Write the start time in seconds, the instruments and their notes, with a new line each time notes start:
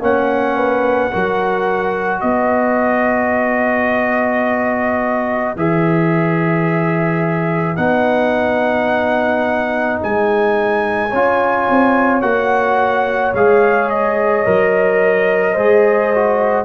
0.00 tuba A#3, trombone C#4, horn C#5, trumpet F#5
0.56 horn B4
1.12 tuba F#3, trombone F#4, horn A#4
2.20 tuba B3, horn B4, trumpet D#5
5.55 tuba E3, trombone G#4, trumpet E5
7.76 tuba B3, trombone D#4, trumpet F#5
10.03 tuba G#3, trumpet G#5
11.09 tuba C#4, trombone F4, horn C#5
11.70 tuba C4
12.22 tuba A#3, trombone F#4, trumpet F#5
13.33 tuba G#3, trombone G#4, trumpet F5
13.90 trumpet D#5
14.45 tuba F#3, trombone A#4
15.53 tuba G#3, trombone G#4, horn C5
16.15 trombone F#4